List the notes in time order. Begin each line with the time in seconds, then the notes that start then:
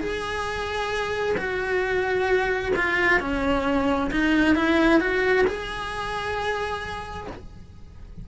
0.00 G#4
1.37 F#4
2.76 F4
3.20 C#4
4.11 D#4
4.55 E4
5.00 F#4
5.47 G#4